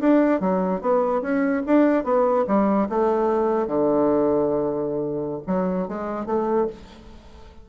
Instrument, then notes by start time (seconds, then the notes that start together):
bassoon
0.00 D4
0.40 F#3
0.81 B3
1.21 C#4
1.66 D4
2.04 B3
2.47 G3
2.89 A3
3.67 D3
5.47 F#3
5.88 G#3
6.26 A3